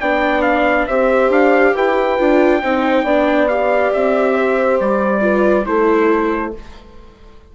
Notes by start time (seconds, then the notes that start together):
0.00 B3 D4 D5 G5
0.42 F5
0.87 C4 G4 C5 E5
1.29 D4 F5
1.74 E4 B4 G5
2.18 D4 F4
2.62 C4 D#4 C5
3.04 B3 D4 D5
3.48 G4 F5
3.93 C4 E5
4.34 C5
4.80 G3 D5
5.21 F4 B4
5.66 A3 E4 A4 C5